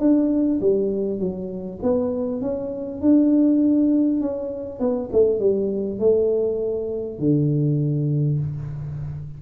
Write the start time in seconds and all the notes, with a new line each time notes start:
0.00 D4
0.61 G3
1.19 F#3
1.83 B3
2.42 C#4
3.02 D4
4.21 C#4
4.80 B3
5.13 A3
5.40 G3
6.00 A3
7.19 D3